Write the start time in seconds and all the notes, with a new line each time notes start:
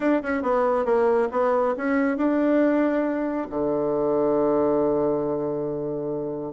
0.00 D4
0.22 C#4
0.42 B3
0.85 A#3
1.31 B3
1.77 C#4
2.17 D4
3.50 D3